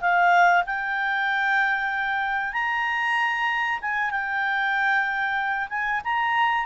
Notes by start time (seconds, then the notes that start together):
0.00 F5
0.66 G5
2.53 A#5
3.81 G#5
4.10 G5
5.69 G#5
6.04 A#5